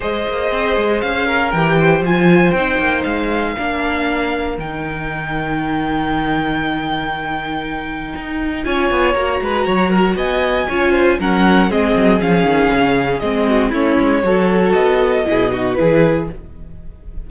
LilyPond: <<
  \new Staff \with { instrumentName = "violin" } { \time 4/4 \tempo 4 = 118 dis''2 f''4 g''4 | gis''4 g''4 f''2~ | f''4 g''2.~ | g''1~ |
g''4 gis''4 ais''2 | gis''2 fis''4 dis''4 | f''2 dis''4 cis''4~ | cis''4 dis''2 b'4 | }
  \new Staff \with { instrumentName = "violin" } { \time 4/4 c''2~ c''8 ais'4 c''8~ | c''2. ais'4~ | ais'1~ | ais'1~ |
ais'4 cis''4. b'8 cis''8 ais'8 | dis''4 cis''8 c''8 ais'4 gis'4~ | gis'2~ gis'8 fis'8 e'4 | a'2 gis'8 fis'8 gis'4 | }
  \new Staff \with { instrumentName = "viola" } { \time 4/4 gis'2. g'4 | f'4 dis'2 d'4~ | d'4 dis'2.~ | dis'1~ |
dis'4 f'4 fis'2~ | fis'4 f'4 cis'4 c'4 | cis'2 c'4 cis'4 | fis'2 e'8 dis'8 e'4 | }
  \new Staff \with { instrumentName = "cello" } { \time 4/4 gis8 ais8 c'8 gis8 cis'4 e4 | f4 c'8 ais8 gis4 ais4~ | ais4 dis2.~ | dis1 |
dis'4 cis'8 b8 ais8 gis8 fis4 | b4 cis'4 fis4 gis8 fis8 | f8 dis8 cis4 gis4 a8 gis8 | fis4 b4 b,4 e4 | }
>>